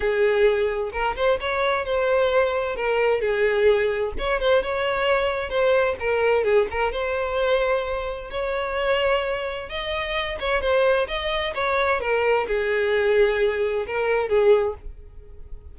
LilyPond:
\new Staff \with { instrumentName = "violin" } { \time 4/4 \tempo 4 = 130 gis'2 ais'8 c''8 cis''4 | c''2 ais'4 gis'4~ | gis'4 cis''8 c''8 cis''2 | c''4 ais'4 gis'8 ais'8 c''4~ |
c''2 cis''2~ | cis''4 dis''4. cis''8 c''4 | dis''4 cis''4 ais'4 gis'4~ | gis'2 ais'4 gis'4 | }